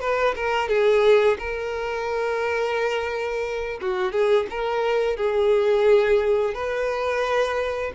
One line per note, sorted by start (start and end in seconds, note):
0.00 0.34 B4
0.35 0.68 A#4
0.68 1.37 G#4
1.38 3.80 A#4
3.81 4.12 F#4
4.12 4.46 G#4
4.50 5.17 A#4
5.17 6.54 G#4
6.54 7.92 B4